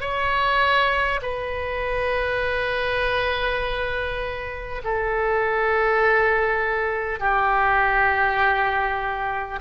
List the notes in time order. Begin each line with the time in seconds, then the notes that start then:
0.00 C#5
1.22 B4
4.84 A4
7.19 G4